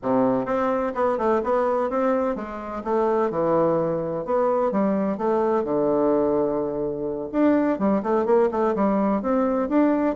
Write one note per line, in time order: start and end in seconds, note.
0.02 0.45 C3
0.45 0.93 C4
0.94 1.17 B3
1.17 1.41 A3
1.43 1.89 B3
1.89 2.35 C4
2.35 2.83 G#3
2.84 3.30 A3
3.30 4.25 E3
4.25 4.71 B3
4.71 5.17 G3
5.17 5.63 A3
5.63 7.29 D3
7.32 7.78 D4
7.78 8.02 G3
8.02 8.25 A3
8.25 8.49 A#3
8.51 8.74 A3
8.75 9.22 G3
9.22 9.68 C4
9.68 10.15 D4